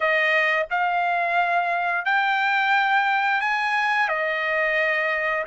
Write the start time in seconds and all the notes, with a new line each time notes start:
0.00 D#5
0.70 F5
2.05 G5
3.40 G#5
4.08 D#5